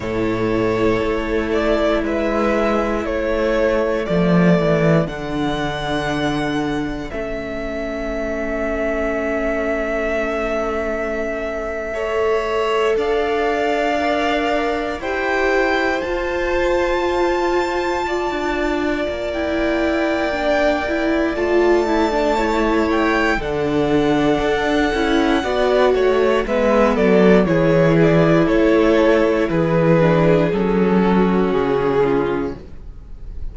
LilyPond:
<<
  \new Staff \with { instrumentName = "violin" } { \time 4/4 \tempo 4 = 59 cis''4. d''8 e''4 cis''4 | d''4 fis''2 e''4~ | e''1~ | e''8. f''2 g''4 a''16~ |
a''2. g''4~ | g''4 a''4. g''8 fis''4~ | fis''2 e''8 d''8 cis''8 d''8 | cis''4 b'4 a'4 gis'4 | }
  \new Staff \with { instrumentName = "violin" } { \time 4/4 a'2 b'4 a'4~ | a'1~ | a'2.~ a'8. cis''16~ | cis''8. d''2 c''4~ c''16~ |
c''4.~ c''16 d''2~ d''16~ | d''2 cis''4 a'4~ | a'4 d''8 cis''8 b'8 a'8 gis'4 | a'4 gis'4. fis'4 f'8 | }
  \new Staff \with { instrumentName = "viola" } { \time 4/4 e'1 | a4 d'2 cis'4~ | cis'2.~ cis'8. a'16~ | a'4.~ a'16 ais'4 g'4 f'16~ |
f'2. e'4 | d'8 e'8 f'8 e'16 d'16 e'4 d'4~ | d'8 e'8 fis'4 b4 e'4~ | e'4. d'8 cis'2 | }
  \new Staff \with { instrumentName = "cello" } { \time 4/4 a,4 a4 gis4 a4 | f8 e8 d2 a4~ | a1~ | a8. d'2 e'4 f'16~ |
f'2 d'8. ais4~ ais16~ | ais4 a2 d4 | d'8 cis'8 b8 a8 gis8 fis8 e4 | a4 e4 fis4 cis4 | }
>>